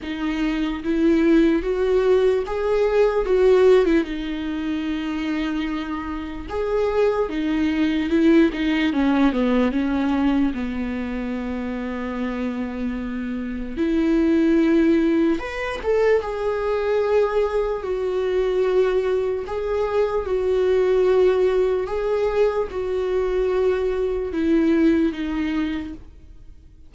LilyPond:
\new Staff \with { instrumentName = "viola" } { \time 4/4 \tempo 4 = 74 dis'4 e'4 fis'4 gis'4 | fis'8. e'16 dis'2. | gis'4 dis'4 e'8 dis'8 cis'8 b8 | cis'4 b2.~ |
b4 e'2 b'8 a'8 | gis'2 fis'2 | gis'4 fis'2 gis'4 | fis'2 e'4 dis'4 | }